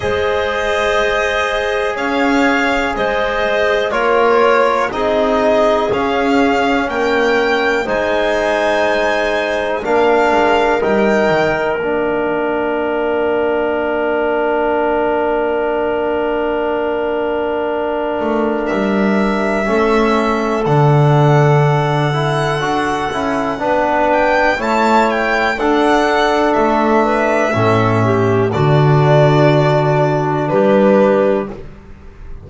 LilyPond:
<<
  \new Staff \with { instrumentName = "violin" } { \time 4/4 \tempo 4 = 61 dis''2 f''4 dis''4 | cis''4 dis''4 f''4 g''4 | gis''2 f''4 g''4 | f''1~ |
f''2. e''4~ | e''4 fis''2.~ | fis''8 g''8 a''8 g''8 fis''4 e''4~ | e''4 d''2 b'4 | }
  \new Staff \with { instrumentName = "clarinet" } { \time 4/4 c''2 cis''4 c''4 | ais'4 gis'2 ais'4 | c''2 ais'2~ | ais'1~ |
ais'1 | a'1 | b'4 cis''4 a'4. b'8 | a'8 g'8 fis'2 g'4 | }
  \new Staff \with { instrumentName = "trombone" } { \time 4/4 gis'1 | f'4 dis'4 cis'2 | dis'2 d'4 dis'4 | d'1~ |
d'1 | cis'4 d'4. e'8 fis'8 e'8 | d'4 e'4 d'2 | cis'4 d'2. | }
  \new Staff \with { instrumentName = "double bass" } { \time 4/4 gis2 cis'4 gis4 | ais4 c'4 cis'4 ais4 | gis2 ais8 gis8 g8 dis8 | ais1~ |
ais2~ ais8 a8 g4 | a4 d2 d'8 cis'8 | b4 a4 d'4 a4 | a,4 d2 g4 | }
>>